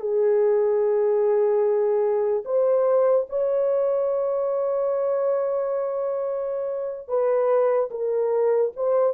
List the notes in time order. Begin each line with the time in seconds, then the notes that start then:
0.00 G#4
2.45 C5
3.29 C#5
7.08 B4
7.91 A#4
8.76 C5